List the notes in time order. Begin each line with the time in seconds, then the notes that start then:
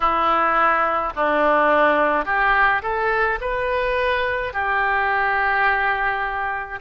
0.00 E4
1.15 D4
2.25 G4
2.82 A4
3.41 B4
4.53 G4